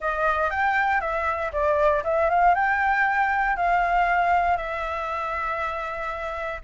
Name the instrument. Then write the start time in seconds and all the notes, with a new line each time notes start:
flute
0.00 D#5
0.50 G5
1.00 E5
1.52 D5
2.04 E5
2.29 F5
2.54 G5
3.56 F5
4.57 E5